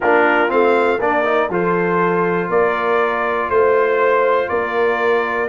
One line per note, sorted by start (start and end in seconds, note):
0.00 0.52 A#3
0.00 0.48 D4
0.00 1.00 F4
0.00 0.50 A#4
0.48 0.99 A3
0.48 0.98 C4
0.48 1.00 F5
0.99 1.49 A#3
0.99 1.24 D4
0.99 1.50 A#4
0.99 1.51 D5
1.24 1.49 D#4
1.49 2.49 F3
1.49 5.49 F4
1.49 2.48 A4
1.49 2.50 C5
2.48 3.49 A#3
2.48 3.48 A#4
2.48 3.49 D5
3.49 4.49 A3
3.49 4.49 C5
3.49 4.48 C5
4.48 5.49 A#3
4.48 5.49 A#4
4.48 5.48 D5